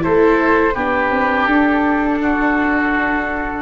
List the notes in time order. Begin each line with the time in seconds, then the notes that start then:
0.00 A3 E4 A4 C5
0.74 B3 D4 G4 B4
1.11 C4
1.46 D4 A4
2.22 F#4